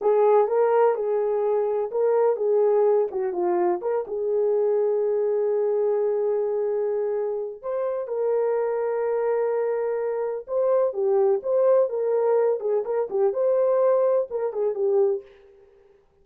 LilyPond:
\new Staff \with { instrumentName = "horn" } { \time 4/4 \tempo 4 = 126 gis'4 ais'4 gis'2 | ais'4 gis'4. fis'8 f'4 | ais'8 gis'2.~ gis'8~ | gis'1 |
c''4 ais'2.~ | ais'2 c''4 g'4 | c''4 ais'4. gis'8 ais'8 g'8 | c''2 ais'8 gis'8 g'4 | }